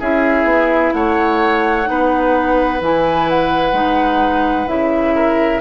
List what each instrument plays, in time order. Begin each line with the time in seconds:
0.00 bassoon C#4, clarinet E4, oboe G#4, flute E5
0.45 bassoon B3
0.94 bassoon A3, oboe C#5, flute F#5
1.85 bassoon B3, clarinet D#4, oboe B4
2.81 bassoon E3, clarinet E4, flute G#5
3.30 flute F#5
3.73 bassoon G#3, clarinet D#4
4.67 bassoon C#3, clarinet E4, flute E5
5.15 oboe A#4